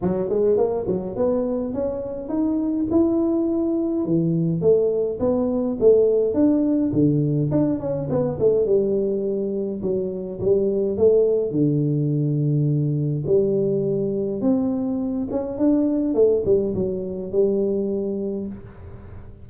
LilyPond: \new Staff \with { instrumentName = "tuba" } { \time 4/4 \tempo 4 = 104 fis8 gis8 ais8 fis8 b4 cis'4 | dis'4 e'2 e4 | a4 b4 a4 d'4 | d4 d'8 cis'8 b8 a8 g4~ |
g4 fis4 g4 a4 | d2. g4~ | g4 c'4. cis'8 d'4 | a8 g8 fis4 g2 | }